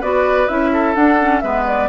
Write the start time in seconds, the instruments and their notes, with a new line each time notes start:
0.00 bassoon B3, clarinet F#4, oboe B4, flute D5
0.47 bassoon C#4, clarinet E4, flute E5
0.73 oboe A4
0.95 clarinet D4, bassoon D4, flute F#5
1.19 clarinet C#4
1.40 bassoon G#3, clarinet B3, oboe B4, flute E5
1.67 flute D5